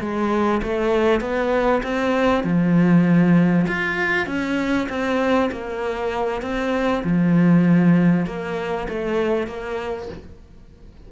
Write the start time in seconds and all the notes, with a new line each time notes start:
0.00 G#3
0.63 A3
1.20 B3
1.83 C4
2.44 F3
3.68 F4
4.27 C#4
4.89 C4
5.51 A#3
6.42 C4
7.04 F3
8.26 A#3
8.89 A3
9.47 A#3